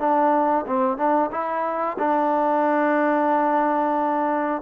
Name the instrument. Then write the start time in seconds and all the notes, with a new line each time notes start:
trombone
0.00 D4
0.67 C4
0.98 D4
1.32 E4
1.99 D4